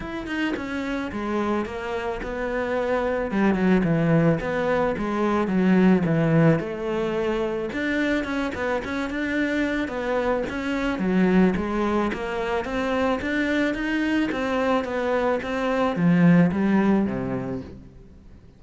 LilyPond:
\new Staff \with { instrumentName = "cello" } { \time 4/4 \tempo 4 = 109 e'8 dis'8 cis'4 gis4 ais4 | b2 g8 fis8 e4 | b4 gis4 fis4 e4 | a2 d'4 cis'8 b8 |
cis'8 d'4. b4 cis'4 | fis4 gis4 ais4 c'4 | d'4 dis'4 c'4 b4 | c'4 f4 g4 c4 | }